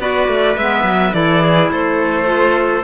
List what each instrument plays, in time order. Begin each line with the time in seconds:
0.00 cello B3, clarinet F#4, trumpet B4, violin D5
0.29 cello A3
0.57 cello G#3, clarinet B3, violin E5
0.84 cello F#3
1.13 cello E3, clarinet E4, trumpet A4, violin D5
1.43 trumpet G#4
1.71 cello A3, trumpet A4, violin C5
2.25 clarinet F4